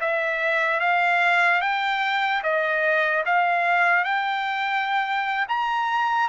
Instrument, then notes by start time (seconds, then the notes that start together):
trumpet
0.00 E5
0.80 F5
1.61 G5
2.43 D#5
3.25 F5
4.04 G5
5.48 A#5